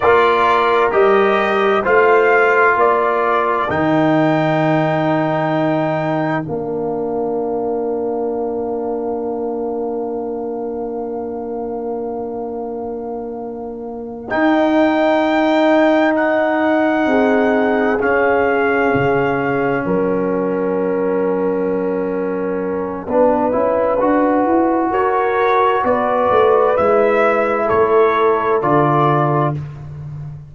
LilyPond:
<<
  \new Staff \with { instrumentName = "trumpet" } { \time 4/4 \tempo 4 = 65 d''4 dis''4 f''4 d''4 | g''2. f''4~ | f''1~ | f''2.~ f''8 g''8~ |
g''4. fis''2 f''8~ | f''4. fis''2~ fis''8~ | fis''2. cis''4 | d''4 e''4 cis''4 d''4 | }
  \new Staff \with { instrumentName = "horn" } { \time 4/4 ais'2 c''4 ais'4~ | ais'1~ | ais'1~ | ais'1~ |
ais'2~ ais'8 gis'4.~ | gis'4. ais'2~ ais'8~ | ais'4 b'2 ais'4 | b'2 a'2 | }
  \new Staff \with { instrumentName = "trombone" } { \time 4/4 f'4 g'4 f'2 | dis'2. d'4~ | d'1~ | d'2.~ d'8 dis'8~ |
dis'2.~ dis'8 cis'8~ | cis'1~ | cis'4 d'8 e'8 fis'2~ | fis'4 e'2 f'4 | }
  \new Staff \with { instrumentName = "tuba" } { \time 4/4 ais4 g4 a4 ais4 | dis2. ais4~ | ais1~ | ais2.~ ais8 dis'8~ |
dis'2~ dis'8 c'4 cis'8~ | cis'8 cis4 fis2~ fis8~ | fis4 b8 cis'8 d'8 e'8 fis'4 | b8 a8 gis4 a4 d4 | }
>>